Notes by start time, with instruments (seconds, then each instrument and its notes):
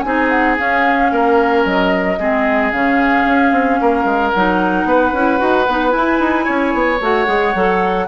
0.00 bassoon C4, clarinet D#4, oboe G#4, flute G#5
0.29 flute F#5
0.56 clarinet C#4, bassoon C#4, flute F5
1.11 bassoon A#3, oboe A#4
1.64 bassoon F#3, flute D#5
2.19 bassoon G#3, clarinet C4, oboe G#4
2.71 bassoon C#3, clarinet C#4, flute F5
3.25 bassoon C#4
3.51 bassoon C4
3.81 bassoon A#3, oboe A#4
4.04 bassoon G#3
4.31 bassoon F#3, clarinet D#4, flute F#5
4.84 bassoon B3, oboe B4
5.12 bassoon C#4, clarinet E4
5.38 bassoon D#4, clarinet F#4
5.67 bassoon B3, clarinet D#4
5.90 clarinet E4, bassoon E4, flute G#5
6.19 bassoon D#4
6.44 bassoon C#4, oboe C#5
6.73 bassoon B3
7.00 bassoon A3, clarinet F#4, flute F#5
7.25 bassoon G#3, clarinet G#4
7.54 bassoon F#3, clarinet A4